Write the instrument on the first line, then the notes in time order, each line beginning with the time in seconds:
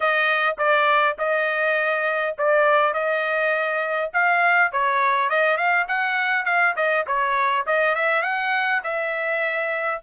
trumpet
0.00 D#5
0.58 D5
1.18 D#5
2.37 D5
2.93 D#5
4.13 F5
4.72 C#5
5.29 D#5
5.57 F5
5.87 F#5
6.45 F5
6.76 D#5
7.06 C#5
7.66 D#5
7.95 E5
8.22 F#5
8.83 E5